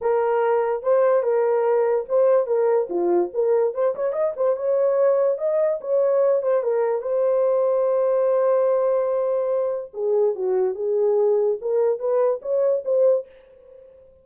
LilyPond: \new Staff \with { instrumentName = "horn" } { \time 4/4 \tempo 4 = 145 ais'2 c''4 ais'4~ | ais'4 c''4 ais'4 f'4 | ais'4 c''8 cis''8 dis''8 c''8 cis''4~ | cis''4 dis''4 cis''4. c''8 |
ais'4 c''2.~ | c''1 | gis'4 fis'4 gis'2 | ais'4 b'4 cis''4 c''4 | }